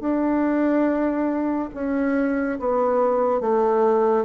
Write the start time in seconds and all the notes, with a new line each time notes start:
0.00 D4
1.74 C#4
2.59 B3
3.40 A3